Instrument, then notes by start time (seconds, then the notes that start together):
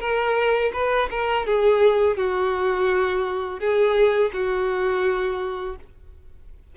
violin
0.00 A#4
0.73 B4
1.10 A#4
1.46 G#4
2.17 F#4
3.59 G#4
4.33 F#4